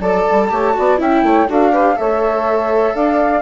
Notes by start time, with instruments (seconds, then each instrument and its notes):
0.00 bassoon F#3, viola A4, saxophone D5, flute A5
0.31 bassoon G3
0.50 bassoon A3, viola G4, saxophone C#5
0.74 bassoon B3, viola F#4, saxophone D5
0.98 bassoon C#4, viola E4, saxophone E5, flute G5
1.23 bassoon A3, saxophone C#5
1.48 bassoon D4, viola F#4, saxophone A4, flute F5
1.71 viola G4, saxophone B4
1.96 bassoon A3, viola A4, saxophone C#5, flute E5
2.94 bassoon D4, saxophone D5, flute F5